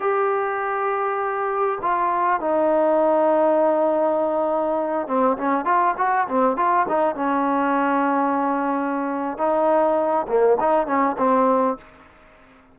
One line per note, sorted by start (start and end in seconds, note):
0.00 1.78 G4
1.81 2.40 F4
2.40 5.07 D#4
5.07 5.37 C4
5.37 5.65 C#4
5.65 5.94 F4
5.97 6.27 F#4
6.28 6.56 C4
6.56 6.86 F4
6.88 7.15 D#4
7.15 9.37 C#4
9.37 10.26 D#4
10.27 10.57 A#3
10.60 10.86 D#4
10.86 11.16 C#4
11.18 11.77 C4